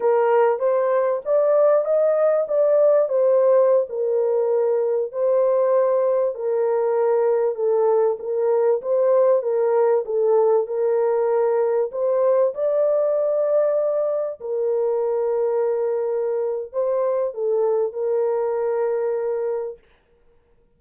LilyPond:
\new Staff \with { instrumentName = "horn" } { \time 4/4 \tempo 4 = 97 ais'4 c''4 d''4 dis''4 | d''4 c''4~ c''16 ais'4.~ ais'16~ | ais'16 c''2 ais'4.~ ais'16~ | ais'16 a'4 ais'4 c''4 ais'8.~ |
ais'16 a'4 ais'2 c''8.~ | c''16 d''2. ais'8.~ | ais'2. c''4 | a'4 ais'2. | }